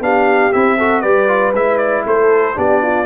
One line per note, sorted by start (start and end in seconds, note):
0.00 0.51 B3
0.00 0.53 D4
0.00 0.78 G4
0.00 0.53 F5
0.53 1.04 C4
0.53 0.78 E4
0.53 1.01 E5
0.78 1.04 F#4
0.78 1.02 A4
1.01 1.54 G3
1.01 1.28 G4
1.01 2.04 B4
1.01 1.52 D5
1.28 1.53 F4
1.54 2.05 G#3
1.54 2.55 E4
1.54 1.77 E5
1.77 2.03 D5
2.06 2.57 A3
2.06 2.57 A4
2.06 2.58 C5
2.55 3.05 B3
2.55 3.05 D4
2.55 2.82 G4
2.55 3.05 D5
2.82 3.05 F4